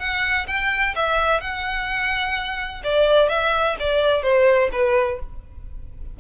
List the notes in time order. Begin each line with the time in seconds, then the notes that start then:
0.00 F#5
0.48 G5
0.96 E5
1.41 F#5
2.84 D5
3.29 E5
3.80 D5
4.23 C5
4.73 B4